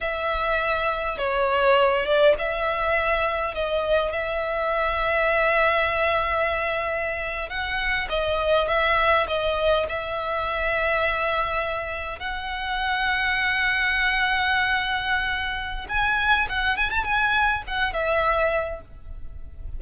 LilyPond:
\new Staff \with { instrumentName = "violin" } { \time 4/4 \tempo 4 = 102 e''2 cis''4. d''8 | e''2 dis''4 e''4~ | e''1~ | e''8. fis''4 dis''4 e''4 dis''16~ |
dis''8. e''2.~ e''16~ | e''8. fis''2.~ fis''16~ | fis''2. gis''4 | fis''8 gis''16 a''16 gis''4 fis''8 e''4. | }